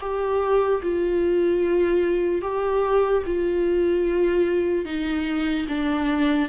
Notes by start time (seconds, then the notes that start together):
0.00 G4
0.83 F4
2.41 G4
3.26 F4
4.85 D#4
5.68 D4